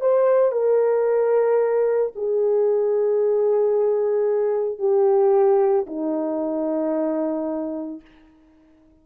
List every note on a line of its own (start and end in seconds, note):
0.00 0.52 C5
0.52 2.12 A#4
2.15 4.78 G#4
4.78 5.85 G4
5.86 8.01 D#4